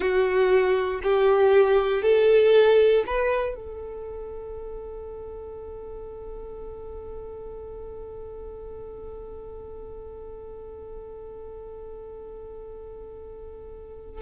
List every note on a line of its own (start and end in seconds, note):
0.00 1.01 F#4
1.03 2.02 G4
2.02 3.04 A4
3.06 3.55 B4
3.55 14.21 A4